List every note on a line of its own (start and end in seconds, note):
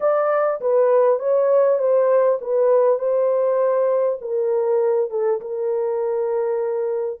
0.00 0.60 D5
0.60 1.19 B4
1.19 1.78 C#5
1.78 2.38 C5
2.41 2.98 B4
2.98 4.18 C5
4.21 5.10 A#4
5.10 5.40 A4
5.41 7.20 A#4